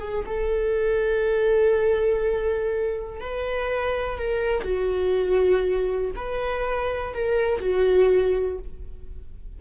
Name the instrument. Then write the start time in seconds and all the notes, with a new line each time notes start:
viola
0.00 G#4
0.26 A4
3.21 B4
4.18 A#4
4.64 F#4
6.16 B4
7.14 A#4
7.61 F#4